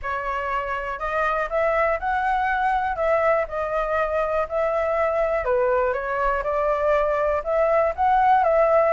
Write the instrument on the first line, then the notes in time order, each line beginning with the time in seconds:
flute
0.02 C#5
0.99 D#5
1.49 E5
1.99 F#5
2.95 E5
3.48 D#5
4.49 E5
5.44 B4
5.93 C#5
6.43 D5
7.44 E5
7.95 F#5
8.43 E5